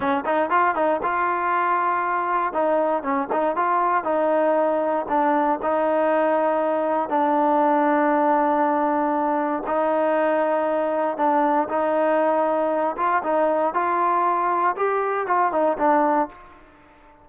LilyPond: \new Staff \with { instrumentName = "trombone" } { \time 4/4 \tempo 4 = 118 cis'8 dis'8 f'8 dis'8 f'2~ | f'4 dis'4 cis'8 dis'8 f'4 | dis'2 d'4 dis'4~ | dis'2 d'2~ |
d'2. dis'4~ | dis'2 d'4 dis'4~ | dis'4. f'8 dis'4 f'4~ | f'4 g'4 f'8 dis'8 d'4 | }